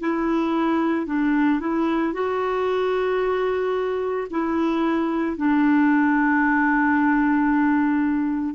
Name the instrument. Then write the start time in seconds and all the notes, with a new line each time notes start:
clarinet
0.00 E4
1.07 D4
1.60 E4
2.13 F#4
4.31 E4
5.37 D4